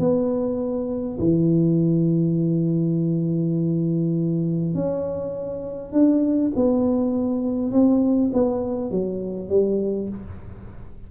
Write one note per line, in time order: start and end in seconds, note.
0.00 1.19 B3
1.19 4.75 E3
4.75 5.92 C#4
5.92 6.52 D4
6.56 7.72 B3
7.72 8.31 C4
8.33 8.91 B3
8.91 9.49 F#3
9.49 10.09 G3